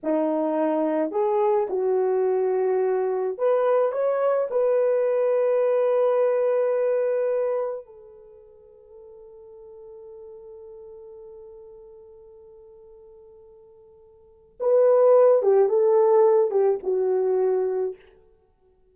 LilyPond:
\new Staff \with { instrumentName = "horn" } { \time 4/4 \tempo 4 = 107 dis'2 gis'4 fis'4~ | fis'2 b'4 cis''4 | b'1~ | b'2 a'2~ |
a'1~ | a'1~ | a'2 b'4. g'8 | a'4. g'8 fis'2 | }